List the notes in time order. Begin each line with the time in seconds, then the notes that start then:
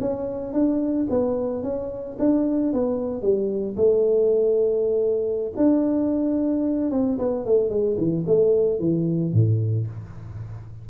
0.00 C#4
0.53 D4
1.10 B3
1.63 C#4
2.19 D4
2.73 B3
3.22 G3
3.76 A3
5.56 D4
6.91 C4
7.18 B3
7.45 A3
7.69 G#3
7.97 E3
8.26 A3
8.79 E3
9.33 A2